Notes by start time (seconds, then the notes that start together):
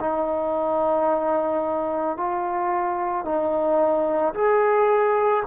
0.00 D#4
2.17 F4
3.24 D#4
4.34 G#4